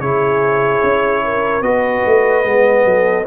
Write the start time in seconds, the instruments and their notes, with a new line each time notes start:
0.00 tuba C#3, trombone E4, horn G#4, trumpet C#5
0.83 tuba C#4
1.24 horn A#4
1.61 tuba B3, trombone F#4, horn B4, trumpet D#5
2.06 tuba A3
2.44 tuba G#3, trombone B3
2.85 tuba F#3, horn A4